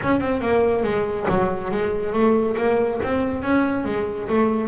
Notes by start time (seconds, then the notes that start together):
0.02 C#4
0.20 C4
0.41 A#3
0.83 G#3
1.29 F#3
1.71 G#3
2.13 A3
2.57 A#3
3.03 C4
3.42 C#4
3.85 G#3
4.28 A3